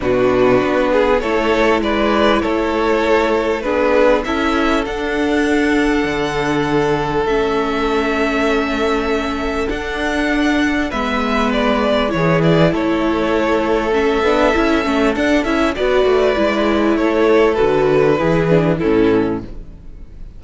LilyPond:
<<
  \new Staff \with { instrumentName = "violin" } { \time 4/4 \tempo 4 = 99 b'2 cis''4 d''4 | cis''2 b'4 e''4 | fis''1 | e''1 |
fis''2 e''4 d''4 | cis''8 d''8 cis''2 e''4~ | e''4 fis''8 e''8 d''2 | cis''4 b'2 a'4 | }
  \new Staff \with { instrumentName = "violin" } { \time 4/4 fis'4. gis'8 a'4 b'4 | a'2 gis'4 a'4~ | a'1~ | a'1~ |
a'2 b'2 | gis'4 a'2.~ | a'2 b'2 | a'2 gis'4 e'4 | }
  \new Staff \with { instrumentName = "viola" } { \time 4/4 d'2 e'2~ | e'2 d'4 e'4 | d'1 | cis'1 |
d'2 b2 | e'2. cis'8 d'8 | e'8 cis'8 d'8 e'8 fis'4 e'4~ | e'4 fis'4 e'8 d'8 cis'4 | }
  \new Staff \with { instrumentName = "cello" } { \time 4/4 b,4 b4 a4 gis4 | a2 b4 cis'4 | d'2 d2 | a1 |
d'2 gis2 | e4 a2~ a8 b8 | cis'8 a8 d'8 cis'8 b8 a8 gis4 | a4 d4 e4 a,4 | }
>>